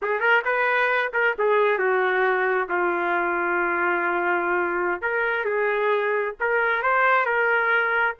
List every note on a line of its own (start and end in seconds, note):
0.02 0.20 G#4
0.20 0.42 A#4
0.45 1.12 B4
1.13 1.35 A#4
1.38 1.78 G#4
1.78 2.68 F#4
2.68 5.01 F4
5.01 5.44 A#4
5.44 6.34 G#4
6.40 6.82 A#4
6.82 7.25 C5
7.25 8.15 A#4